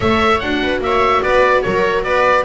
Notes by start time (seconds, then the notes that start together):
0.00 A3 A4 C#5 E5
0.39 D4 F#4 F#5
0.62 B4
0.80 A#3 C#5 E5
1.22 B3 B4 D5
1.61 F#3 A#4 C#5
2.03 B3 B4 D5